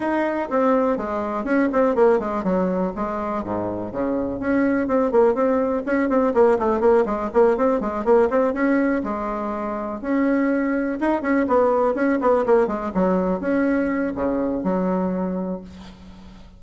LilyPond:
\new Staff \with { instrumentName = "bassoon" } { \time 4/4 \tempo 4 = 123 dis'4 c'4 gis4 cis'8 c'8 | ais8 gis8 fis4 gis4 gis,4 | cis4 cis'4 c'8 ais8 c'4 | cis'8 c'8 ais8 a8 ais8 gis8 ais8 c'8 |
gis8 ais8 c'8 cis'4 gis4.~ | gis8 cis'2 dis'8 cis'8 b8~ | b8 cis'8 b8 ais8 gis8 fis4 cis'8~ | cis'4 cis4 fis2 | }